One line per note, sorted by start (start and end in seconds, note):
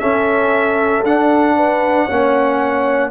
0.00 1.04 C#4
0.00 1.56 A4
0.00 1.03 E5
1.04 2.08 D4
1.04 2.10 D4
1.04 3.11 F#5
1.56 2.06 B4
2.06 3.11 A#3
2.06 3.11 C#4
2.06 3.10 C#5